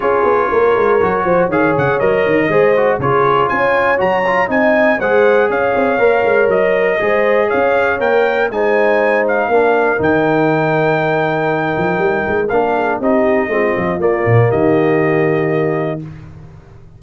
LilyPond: <<
  \new Staff \with { instrumentName = "trumpet" } { \time 4/4 \tempo 4 = 120 cis''2. f''8 fis''8 | dis''2 cis''4 gis''4 | ais''4 gis''4 fis''4 f''4~ | f''4 dis''2 f''4 |
g''4 gis''4. f''4. | g''1~ | g''4 f''4 dis''2 | d''4 dis''2. | }
  \new Staff \with { instrumentName = "horn" } { \time 4/4 gis'4 ais'4. c''8 cis''4~ | cis''4 c''4 gis'4 cis''4~ | cis''4 dis''4 c''4 cis''4~ | cis''2 c''4 cis''4~ |
cis''4 c''2 ais'4~ | ais'1~ | ais'4. gis'8 g'4 f'4~ | f'4 g'2. | }
  \new Staff \with { instrumentName = "trombone" } { \time 4/4 f'2 fis'4 gis'4 | ais'4 gis'8 fis'8 f'2 | fis'8 f'8 dis'4 gis'2 | ais'2 gis'2 |
ais'4 dis'2 d'4 | dis'1~ | dis'4 d'4 dis'4 c'4 | ais1 | }
  \new Staff \with { instrumentName = "tuba" } { \time 4/4 cis'8 b8 ais8 gis8 fis8 f8 dis8 cis8 | fis8 dis8 gis4 cis4 cis'4 | fis4 c'4 gis4 cis'8 c'8 | ais8 gis8 fis4 gis4 cis'4 |
ais4 gis2 ais4 | dis2.~ dis8 f8 | g8 gis8 ais4 c'4 gis8 f8 | ais8 ais,8 dis2. | }
>>